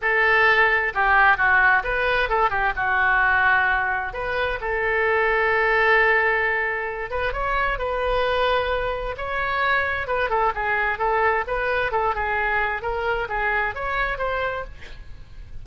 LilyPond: \new Staff \with { instrumentName = "oboe" } { \time 4/4 \tempo 4 = 131 a'2 g'4 fis'4 | b'4 a'8 g'8 fis'2~ | fis'4 b'4 a'2~ | a'2.~ a'8 b'8 |
cis''4 b'2. | cis''2 b'8 a'8 gis'4 | a'4 b'4 a'8 gis'4. | ais'4 gis'4 cis''4 c''4 | }